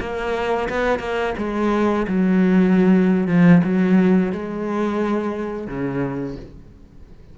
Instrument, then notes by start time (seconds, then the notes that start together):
cello
0.00 A#3
0.69 B3
0.99 A#3
1.37 G#3
2.08 F#3
3.27 F3
3.63 F#3
4.32 G#3
5.67 C#3